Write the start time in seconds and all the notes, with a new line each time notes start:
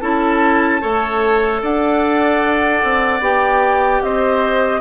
0.00 C#4 E4 A4 A5
0.81 A3 A4 C#5
1.62 D4 D5 F#5
2.83 C4
3.21 B3 G4 G5
4.03 C4 C5 D#5